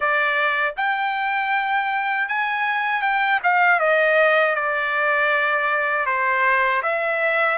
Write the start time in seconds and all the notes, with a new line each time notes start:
0.00 D5
0.76 G5
2.28 G#5
3.02 G5
3.43 F5
3.79 D#5
4.55 D5
6.06 C5
6.82 E5